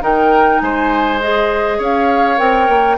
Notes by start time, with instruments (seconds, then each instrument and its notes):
0.00 bassoon D#3, clarinet D#4, oboe A#4, flute G5
0.60 bassoon G#3, oboe C5, flute G#5
1.21 clarinet G#4, flute D#5
1.78 bassoon C#4, oboe C#5, flute F5
2.37 bassoon C4, clarinet A#4, flute G5
2.68 bassoon A#3